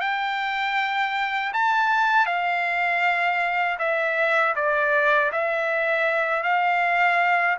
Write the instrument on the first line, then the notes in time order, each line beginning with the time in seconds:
trumpet
0.00 G5
1.53 A5
2.26 F5
3.79 E5
4.55 D5
5.32 E5
6.43 F5